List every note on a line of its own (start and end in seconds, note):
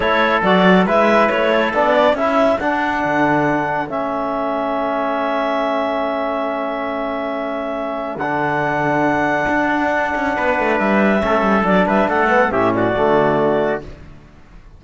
0.00 0.42 A3
0.00 0.43 E4
0.00 0.86 A4
0.00 0.42 C#5
0.42 0.85 F#3
0.42 0.87 F#4
0.42 0.86 D5
0.85 1.29 G#3
0.85 1.73 E4
0.85 1.51 B4
0.85 1.28 E5
1.28 1.73 A3
1.28 1.72 C#5
1.52 1.94 A4
1.73 2.13 B3
1.73 2.16 D4
1.73 2.16 D5
1.94 2.16 D5
2.13 2.56 C#4
2.13 2.60 E4
2.13 10.36 A4
2.13 2.59 E5
2.59 3.03 D4
2.59 3.88 D4
2.59 3.88 F#5
3.04 3.89 D3
3.88 8.16 A3
3.88 8.20 C#4
3.88 8.18 E5
8.16 9.45 D3
8.16 11.19 D4
8.16 10.77 F#5
9.48 10.13 D4
10.15 10.37 C#4
10.36 10.59 B3
10.36 11.22 B4
10.59 10.79 A3
10.78 11.22 G3
10.78 11.64 E5
11.19 11.41 A3
11.19 11.62 C#4
11.19 11.86 A4
11.41 11.62 G3
11.63 11.85 F#3
11.63 12.27 D4
11.63 11.87 D5
11.86 12.07 G3
11.86 12.08 B4
11.86 12.08 E5
12.08 12.51 A3
12.08 12.51 A4
12.08 12.51 F#5
12.29 12.50 B3
12.50 12.95 A2
12.50 12.93 C#4
12.50 12.73 G4
12.50 12.72 E5
12.73 13.84 F#4
12.73 13.81 D5
12.94 13.84 D3
12.94 13.80 A3